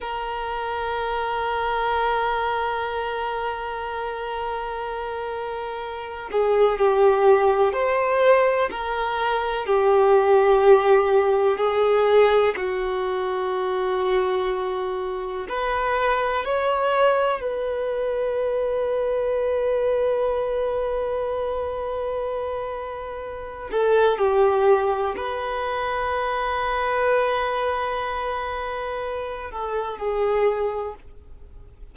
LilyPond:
\new Staff \with { instrumentName = "violin" } { \time 4/4 \tempo 4 = 62 ais'1~ | ais'2~ ais'8 gis'8 g'4 | c''4 ais'4 g'2 | gis'4 fis'2. |
b'4 cis''4 b'2~ | b'1~ | b'8 a'8 g'4 b'2~ | b'2~ b'8 a'8 gis'4 | }